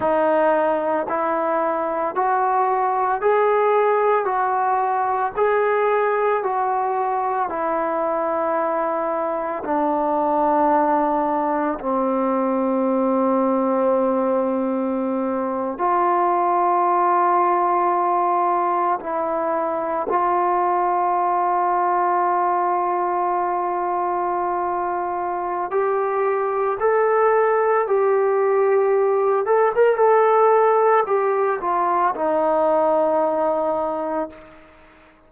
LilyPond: \new Staff \with { instrumentName = "trombone" } { \time 4/4 \tempo 4 = 56 dis'4 e'4 fis'4 gis'4 | fis'4 gis'4 fis'4 e'4~ | e'4 d'2 c'4~ | c'2~ c'8. f'4~ f'16~ |
f'4.~ f'16 e'4 f'4~ f'16~ | f'1 | g'4 a'4 g'4. a'16 ais'16 | a'4 g'8 f'8 dis'2 | }